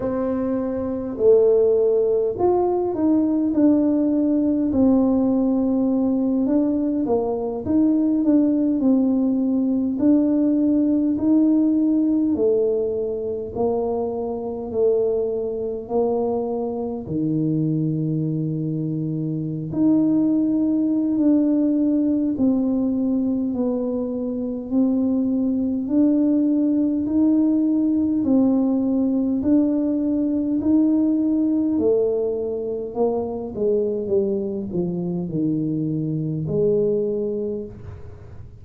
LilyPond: \new Staff \with { instrumentName = "tuba" } { \time 4/4 \tempo 4 = 51 c'4 a4 f'8 dis'8 d'4 | c'4. d'8 ais8 dis'8 d'8 c'8~ | c'8 d'4 dis'4 a4 ais8~ | ais8 a4 ais4 dis4.~ |
dis8. dis'4~ dis'16 d'4 c'4 | b4 c'4 d'4 dis'4 | c'4 d'4 dis'4 a4 | ais8 gis8 g8 f8 dis4 gis4 | }